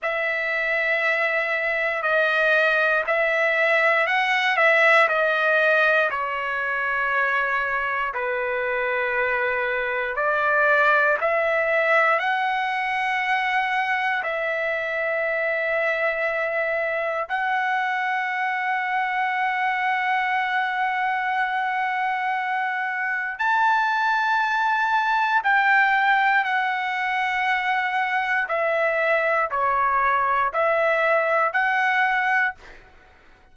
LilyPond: \new Staff \with { instrumentName = "trumpet" } { \time 4/4 \tempo 4 = 59 e''2 dis''4 e''4 | fis''8 e''8 dis''4 cis''2 | b'2 d''4 e''4 | fis''2 e''2~ |
e''4 fis''2.~ | fis''2. a''4~ | a''4 g''4 fis''2 | e''4 cis''4 e''4 fis''4 | }